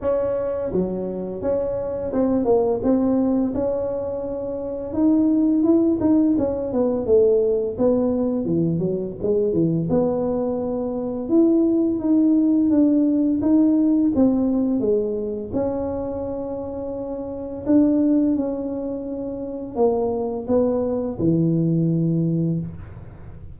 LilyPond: \new Staff \with { instrumentName = "tuba" } { \time 4/4 \tempo 4 = 85 cis'4 fis4 cis'4 c'8 ais8 | c'4 cis'2 dis'4 | e'8 dis'8 cis'8 b8 a4 b4 | e8 fis8 gis8 e8 b2 |
e'4 dis'4 d'4 dis'4 | c'4 gis4 cis'2~ | cis'4 d'4 cis'2 | ais4 b4 e2 | }